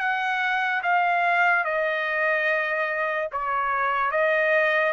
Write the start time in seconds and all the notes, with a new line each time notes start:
0.00 F#5
0.83 F5
1.64 D#5
3.32 C#5
4.11 D#5